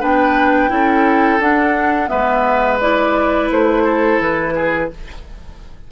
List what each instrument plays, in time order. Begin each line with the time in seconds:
0.00 bassoon B3, clarinet D4, oboe B4, flute G5
0.69 bassoon C#4, clarinet E4, oboe A4
1.39 bassoon D4, clarinet D4, flute F#5
2.08 bassoon G#3, clarinet B3, oboe B4, flute E5
2.80 clarinet E4, flute D5
3.50 bassoon A3, flute C5
3.84 oboe A4
4.19 bassoon E3, flute B4
4.55 oboe G#4